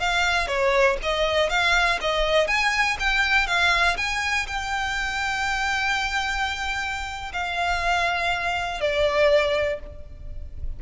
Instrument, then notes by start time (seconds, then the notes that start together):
violin
0.00 F5
0.48 C#5
1.03 D#5
1.50 F5
2.02 D#5
2.48 G#5
3.00 G5
3.47 F5
3.97 G#5
4.47 G5
7.33 F5
8.81 D5